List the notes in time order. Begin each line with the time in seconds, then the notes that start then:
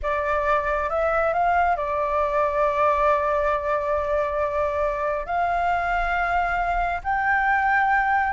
0.02 D5
0.89 E5
1.33 F5
1.76 D5
5.26 F5
7.03 G5